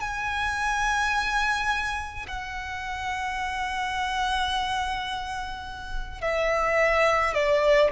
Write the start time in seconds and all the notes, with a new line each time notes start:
0.00 G#5
2.27 F#5
6.21 E5
7.34 D5